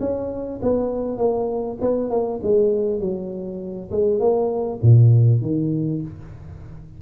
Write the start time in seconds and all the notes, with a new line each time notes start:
0.00 C#4
0.62 B3
1.18 A#3
1.81 B3
2.10 A#3
2.43 G#3
3.00 F#3
3.91 G#3
4.19 A#3
4.82 A#2
5.42 D#3